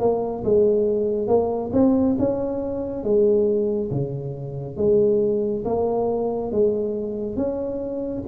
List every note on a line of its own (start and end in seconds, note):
0.00 0.43 A#3
0.44 1.28 G#3
1.28 1.71 A#3
1.73 2.17 C4
2.19 3.04 C#4
3.04 3.91 G#3
3.91 4.77 C#3
4.77 5.64 G#3
5.65 6.52 A#3
6.52 7.36 G#3
7.36 8.23 C#4